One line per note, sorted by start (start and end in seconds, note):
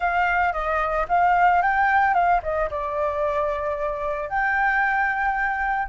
0.00 0.52 F5
0.52 1.06 D#5
1.08 1.61 F5
1.61 2.14 G5
2.14 2.40 F5
2.43 2.69 D#5
2.70 4.29 D5
4.29 5.88 G5